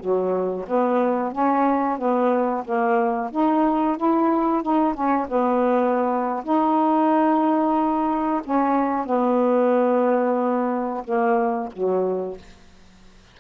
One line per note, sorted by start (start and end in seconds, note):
0.00 0.66 F#3
0.68 1.33 B3
1.33 1.99 C#4
1.99 2.65 B3
2.65 3.31 A#3
3.32 3.97 D#4
3.97 4.63 E4
4.63 4.95 D#4
4.95 5.27 C#4
5.29 6.44 B3
6.44 8.42 D#4
8.45 9.06 C#4
9.06 11.04 B3
11.04 11.70 A#3
11.72 12.38 F#3